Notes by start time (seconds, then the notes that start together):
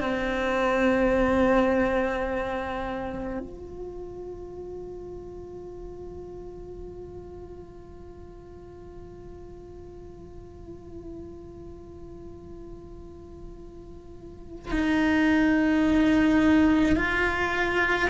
0.00 C4
3.39 F4
14.71 D#4
16.96 F4